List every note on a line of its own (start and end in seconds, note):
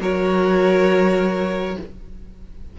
0.00 1.76 F#3
0.00 1.77 F#4
0.00 1.77 A#4
0.00 1.79 C#5